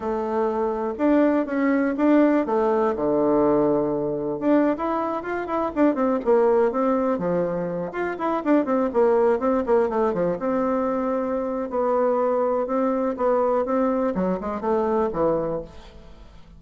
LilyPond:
\new Staff \with { instrumentName = "bassoon" } { \time 4/4 \tempo 4 = 123 a2 d'4 cis'4 | d'4 a4 d2~ | d4 d'8. e'4 f'8 e'8 d'16~ | d'16 c'8 ais4 c'4 f4~ f16~ |
f16 f'8 e'8 d'8 c'8 ais4 c'8 ais16~ | ais16 a8 f8 c'2~ c'8. | b2 c'4 b4 | c'4 fis8 gis8 a4 e4 | }